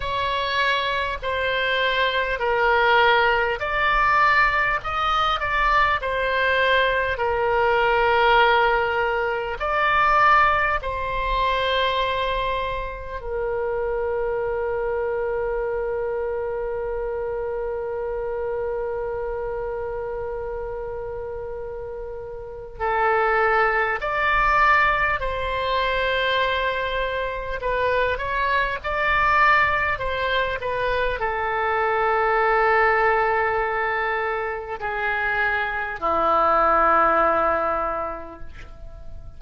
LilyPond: \new Staff \with { instrumentName = "oboe" } { \time 4/4 \tempo 4 = 50 cis''4 c''4 ais'4 d''4 | dis''8 d''8 c''4 ais'2 | d''4 c''2 ais'4~ | ais'1~ |
ais'2. a'4 | d''4 c''2 b'8 cis''8 | d''4 c''8 b'8 a'2~ | a'4 gis'4 e'2 | }